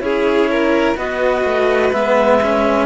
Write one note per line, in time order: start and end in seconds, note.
0.00 0.96 C#4
0.00 0.95 E4
0.00 0.51 G#4
0.00 0.95 C#5
0.51 0.97 A#4
0.97 1.45 B3
0.97 1.92 F#4
0.97 2.86 B4
0.97 1.93 D#5
1.45 1.92 A3
1.93 2.86 G#3
1.93 2.41 B3
1.93 2.86 E5
2.42 2.86 C#4